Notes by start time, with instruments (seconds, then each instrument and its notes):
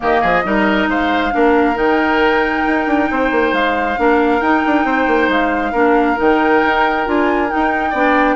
0.00 bassoon D#3, clarinet A#3, oboe G4, flute D#5
0.21 bassoon F3, oboe G#4
0.44 bassoon G3, clarinet D#4, oboe A#4
0.87 bassoon G#3, oboe C5, flute F5
1.31 bassoon A#3, clarinet D4, oboe A#4
1.74 bassoon D#3, clarinet D#4, flute G5
2.66 bassoon D#4
2.87 bassoon D4
3.10 bassoon C4, oboe C5
3.31 bassoon A#3
3.52 bassoon G#3, flute F5
3.97 bassoon A#3, clarinet D4, oboe A#4
4.40 bassoon D#4, clarinet D#4, flute G5
4.66 bassoon D4
4.84 bassoon C4, oboe C5
5.07 bassoon A#3
5.28 bassoon G#3, flute F5
5.72 bassoon A#3, clarinet D4, oboe A#4
6.16 bassoon D#3, clarinet D#4, flute G5
6.63 bassoon D#4
7.05 bassoon D4, clarinet F4, flute G#5
7.48 clarinet D#4, flute G5
7.55 bassoon D#4
7.90 bassoon B3, clarinet D4, oboe D5